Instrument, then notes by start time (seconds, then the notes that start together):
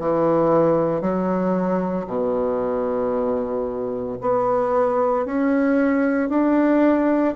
bassoon
0.00 E3
1.02 F#3
2.07 B2
4.22 B3
5.26 C#4
6.30 D4